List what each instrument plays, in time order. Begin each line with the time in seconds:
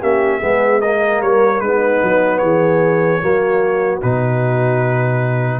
0.00 tuba A#3, trombone C#4, horn G4, trumpet E5
0.39 tuba G#3, trombone B3, horn G#4
0.81 trombone A#3, horn A#4, trumpet D#5
1.21 tuba G3, trumpet C#5
1.60 tuba G#3, trombone B3, horn D#4, trumpet B4
2.02 tuba F#3
2.38 tuba E3, horn G#4, trumpet C#5
3.21 tuba F#3, trombone A#3, horn F#4
4.02 tuba B2, trombone D#4, trumpet B4